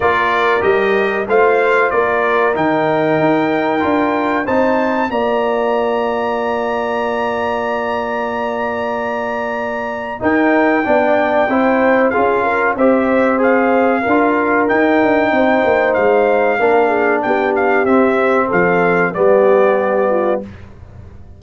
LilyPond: <<
  \new Staff \with { instrumentName = "trumpet" } { \time 4/4 \tempo 4 = 94 d''4 dis''4 f''4 d''4 | g''2. a''4 | ais''1~ | ais''1 |
g''2. f''4 | e''4 f''2 g''4~ | g''4 f''2 g''8 f''8 | e''4 f''4 d''2 | }
  \new Staff \with { instrumentName = "horn" } { \time 4/4 ais'2 c''4 ais'4~ | ais'2. c''4 | d''1~ | d''1 |
ais'4 d''4 c''4 gis'8 ais'8 | c''2 ais'2 | c''2 ais'8 gis'8 g'4~ | g'4 a'4 g'4. f'8 | }
  \new Staff \with { instrumentName = "trombone" } { \time 4/4 f'4 g'4 f'2 | dis'2 f'4 dis'4 | f'1~ | f'1 |
dis'4 d'4 e'4 f'4 | g'4 gis'4 f'4 dis'4~ | dis'2 d'2 | c'2 b2 | }
  \new Staff \with { instrumentName = "tuba" } { \time 4/4 ais4 g4 a4 ais4 | dis4 dis'4 d'4 c'4 | ais1~ | ais1 |
dis'4 b4 c'4 cis'4 | c'2 d'4 dis'8 d'8 | c'8 ais8 gis4 ais4 b4 | c'4 f4 g2 | }
>>